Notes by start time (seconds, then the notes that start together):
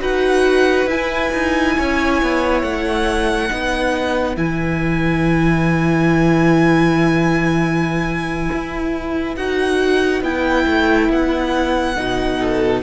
0.00 D#4 F#4 B4 F#5
0.86 E4 G#5
1.33 D#4
1.77 C#4 C#5
2.22 B3
2.61 A3 F#5
3.49 B3 D#4 B4
4.35 E3 E4 G#5
8.52 E4
9.35 D#4 F#4 F#5
10.22 B3 E4 G5
10.66 A3
11.09 B3 F#5
11.95 B2 D#4
12.38 A4